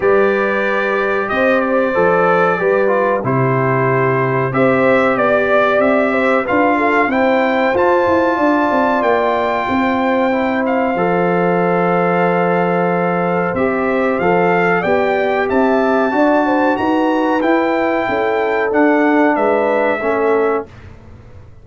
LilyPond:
<<
  \new Staff \with { instrumentName = "trumpet" } { \time 4/4 \tempo 4 = 93 d''2 dis''8 d''4.~ | d''4 c''2 e''4 | d''4 e''4 f''4 g''4 | a''2 g''2~ |
g''8 f''2.~ f''8~ | f''4 e''4 f''4 g''4 | a''2 ais''4 g''4~ | g''4 fis''4 e''2 | }
  \new Staff \with { instrumentName = "horn" } { \time 4/4 b'2 c''2 | b'4 g'2 c''4 | d''4. c''8 b'8 a'8 c''4~ | c''4 d''2 c''4~ |
c''1~ | c''2. d''4 | e''4 d''8 c''8 b'2 | a'2 b'4 a'4 | }
  \new Staff \with { instrumentName = "trombone" } { \time 4/4 g'2. a'4 | g'8 f'8 e'2 g'4~ | g'2 f'4 e'4 | f'1 |
e'4 a'2.~ | a'4 g'4 a'4 g'4~ | g'4 fis'2 e'4~ | e'4 d'2 cis'4 | }
  \new Staff \with { instrumentName = "tuba" } { \time 4/4 g2 c'4 f4 | g4 c2 c'4 | b4 c'4 d'4 c'4 | f'8 e'8 d'8 c'8 ais4 c'4~ |
c'4 f2.~ | f4 c'4 f4 b4 | c'4 d'4 dis'4 e'4 | cis'4 d'4 gis4 a4 | }
>>